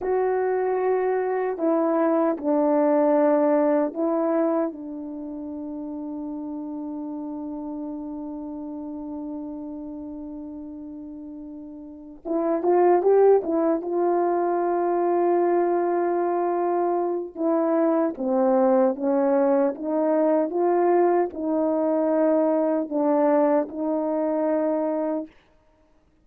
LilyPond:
\new Staff \with { instrumentName = "horn" } { \time 4/4 \tempo 4 = 76 fis'2 e'4 d'4~ | d'4 e'4 d'2~ | d'1~ | d'2.~ d'8 e'8 |
f'8 g'8 e'8 f'2~ f'8~ | f'2 e'4 c'4 | cis'4 dis'4 f'4 dis'4~ | dis'4 d'4 dis'2 | }